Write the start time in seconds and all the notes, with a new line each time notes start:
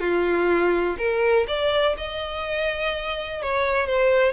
0.00 F4
0.98 A#4
1.48 D5
1.98 D#5
3.42 C#5
3.87 C5